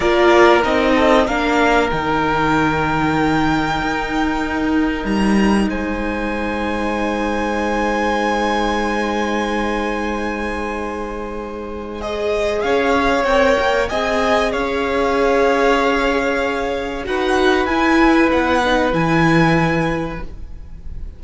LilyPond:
<<
  \new Staff \with { instrumentName = "violin" } { \time 4/4 \tempo 4 = 95 d''4 dis''4 f''4 g''4~ | g''1 | ais''4 gis''2.~ | gis''1~ |
gis''2. dis''4 | f''4 g''4 gis''4 f''4~ | f''2. fis''4 | gis''4 fis''4 gis''2 | }
  \new Staff \with { instrumentName = "violin" } { \time 4/4 ais'4. a'8 ais'2~ | ais'1~ | ais'4 c''2.~ | c''1~ |
c''1 | cis''2 dis''4 cis''4~ | cis''2. b'4~ | b'1 | }
  \new Staff \with { instrumentName = "viola" } { \time 4/4 f'4 dis'4 d'4 dis'4~ | dis'1~ | dis'1~ | dis'1~ |
dis'2. gis'4~ | gis'4 ais'4 gis'2~ | gis'2. fis'4 | e'4. dis'8 e'2 | }
  \new Staff \with { instrumentName = "cello" } { \time 4/4 ais4 c'4 ais4 dis4~ | dis2 dis'2 | g4 gis2.~ | gis1~ |
gis1 | cis'4 c'8 ais8 c'4 cis'4~ | cis'2. dis'4 | e'4 b4 e2 | }
>>